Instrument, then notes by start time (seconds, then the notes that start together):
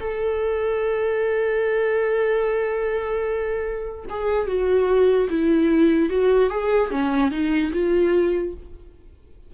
viola
0.00 A4
4.09 G#4
4.47 F#4
5.29 E4
6.10 F#4
6.50 G#4
6.91 C#4
7.31 D#4
7.72 F4